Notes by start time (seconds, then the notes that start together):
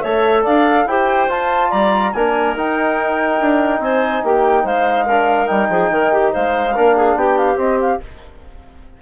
0.00 A3 A4 C#5 E5
0.43 D4 D5 F5
0.85 E4 G4 C5 G5
1.28 F4 A5
1.69 G3 D5 A#5
2.12 A#3 D4 A#4 G#5
2.56 D#4 G5
3.40 D4
3.79 C4 C5 G#5
4.23 A#3 G4 G5
4.63 G#3 C5 F5
5.06 D4 A#4
5.46 G3 D#4 G5
5.68 F3 G#4
5.90 D#3 A#4
6.12 G4
6.32 G#3 C5 F5
6.74 A#3 D4 A#4
6.95 G#4
7.15 B3 G4 G5
7.37 F5
7.55 C4 D#5
7.80 F5